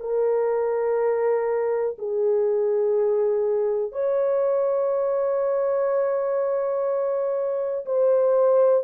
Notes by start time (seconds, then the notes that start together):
0.00 A#4
1.99 G#4
3.92 C#5
7.86 C5